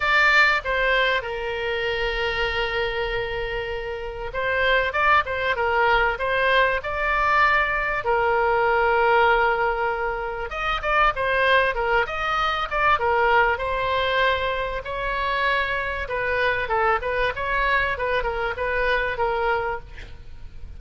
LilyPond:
\new Staff \with { instrumentName = "oboe" } { \time 4/4 \tempo 4 = 97 d''4 c''4 ais'2~ | ais'2. c''4 | d''8 c''8 ais'4 c''4 d''4~ | d''4 ais'2.~ |
ais'4 dis''8 d''8 c''4 ais'8 dis''8~ | dis''8 d''8 ais'4 c''2 | cis''2 b'4 a'8 b'8 | cis''4 b'8 ais'8 b'4 ais'4 | }